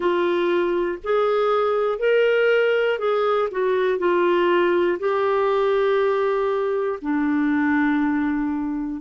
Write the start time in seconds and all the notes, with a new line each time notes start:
0.00 F4
1.03 G#4
1.98 A#4
2.99 G#4
3.50 F#4
3.98 F4
4.99 G4
7.01 D4